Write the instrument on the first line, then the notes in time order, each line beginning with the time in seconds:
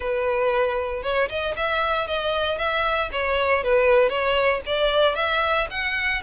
violin
0.00 B4
1.03 C#5
1.29 D#5
1.56 E5
2.07 D#5
2.58 E5
3.12 C#5
3.63 B4
4.09 C#5
4.66 D5
5.15 E5
5.70 F#5